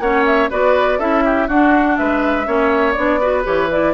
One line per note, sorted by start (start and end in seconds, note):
0.00 0.49 A#3
0.00 0.51 C#4
0.00 0.50 C#5
0.00 0.25 F#5
0.26 0.51 E5
0.50 0.99 B3
0.50 1.00 F#4
0.50 0.99 B4
0.50 1.00 D5
0.99 1.48 C#4
0.99 1.49 E4
0.99 1.23 A4
0.99 1.49 E5
1.25 1.47 G4
1.47 1.98 D4
1.47 2.46 D4
1.47 1.97 F#4
1.47 1.97 F#5
1.97 2.47 G#3
1.97 2.47 B4
1.97 2.93 E5
2.46 2.97 A#3
2.46 2.95 C#4
2.46 3.20 C#5
2.93 3.46 B3
2.93 3.21 D4
2.93 3.42 D5
3.20 3.44 F#4
3.20 3.94 B4
3.44 3.94 E3
3.44 3.69 G4
3.44 3.70 C#5
3.71 3.94 E4
3.71 3.94 D5